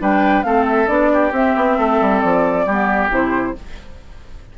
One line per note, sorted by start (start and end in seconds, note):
0.00 0.44 G3
0.00 0.44 D4
0.00 0.46 B4
0.00 0.43 G5
0.43 0.88 A3
0.43 0.87 C4
0.43 1.13 A4
0.43 0.65 F5
0.68 0.88 E5
0.87 1.32 B3
0.87 1.32 D4
0.87 1.32 D5
1.13 1.78 G4
1.32 1.54 C4
1.32 2.68 C4
1.32 2.20 E5
1.56 1.79 B3
1.78 2.01 A3
1.78 2.66 A4
2.01 2.23 G3
2.20 2.66 F3
2.20 3.09 D5
2.66 3.10 G3
2.66 3.10 B3
2.66 3.55 G4
3.10 3.55 C3
3.10 3.54 E4
3.10 3.58 C5